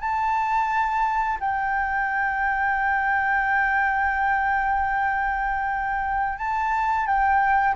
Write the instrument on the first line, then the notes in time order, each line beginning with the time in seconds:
flute
0.00 A5
1.40 G5
6.38 A5
7.06 G5